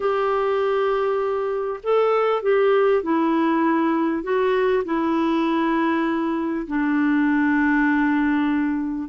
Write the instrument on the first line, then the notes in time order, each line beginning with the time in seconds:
clarinet
0.00 G4
1.83 A4
2.42 G4
3.02 E4
4.23 F#4
4.85 E4
6.67 D4